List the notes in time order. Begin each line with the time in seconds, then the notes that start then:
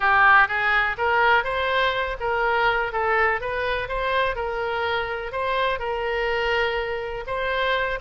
0.00 G4
0.48 G#4
0.97 A#4
1.44 C5
2.20 A#4
2.92 A4
3.40 B4
3.88 C5
4.35 A#4
5.32 C5
5.79 A#4
7.26 C5